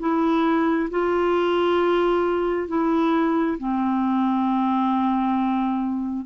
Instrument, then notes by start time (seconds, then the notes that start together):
clarinet
0.00 E4
0.91 F4
2.68 E4
3.59 C4